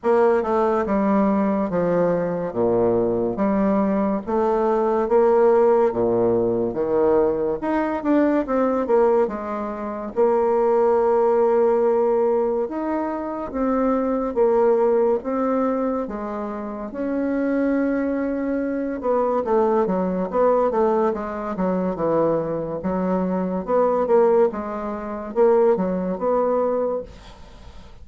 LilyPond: \new Staff \with { instrumentName = "bassoon" } { \time 4/4 \tempo 4 = 71 ais8 a8 g4 f4 ais,4 | g4 a4 ais4 ais,4 | dis4 dis'8 d'8 c'8 ais8 gis4 | ais2. dis'4 |
c'4 ais4 c'4 gis4 | cis'2~ cis'8 b8 a8 fis8 | b8 a8 gis8 fis8 e4 fis4 | b8 ais8 gis4 ais8 fis8 b4 | }